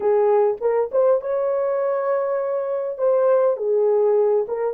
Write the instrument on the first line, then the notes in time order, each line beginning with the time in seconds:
horn
0.00 G#4
0.60 A#4
0.91 C5
1.21 C#5
2.98 C5
3.56 G#4
4.48 A#4